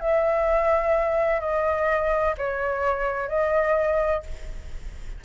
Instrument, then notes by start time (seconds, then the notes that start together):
flute
0.00 E5
1.40 D#5
2.38 C#5
3.28 D#5